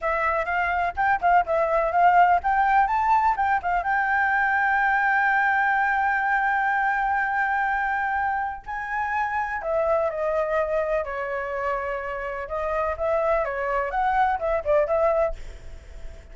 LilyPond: \new Staff \with { instrumentName = "flute" } { \time 4/4 \tempo 4 = 125 e''4 f''4 g''8 f''8 e''4 | f''4 g''4 a''4 g''8 f''8 | g''1~ | g''1~ |
g''2 gis''2 | e''4 dis''2 cis''4~ | cis''2 dis''4 e''4 | cis''4 fis''4 e''8 d''8 e''4 | }